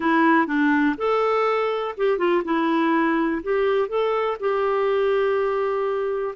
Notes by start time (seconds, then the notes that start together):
0.00 E4
0.46 D4
0.97 A4
1.97 G4
2.18 F4
2.44 E4
3.43 G4
3.88 A4
4.39 G4